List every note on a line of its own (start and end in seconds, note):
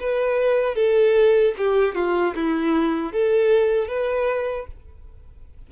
0.00 0.75 B4
0.75 1.54 A4
1.58 1.95 G4
1.95 2.34 F4
2.35 3.13 E4
3.13 3.88 A4
3.88 4.67 B4